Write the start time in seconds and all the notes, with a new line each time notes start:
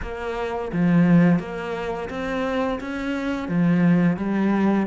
0.02 A#3
0.72 F3
1.39 A#3
2.09 C4
2.80 C#4
3.48 F3
4.17 G3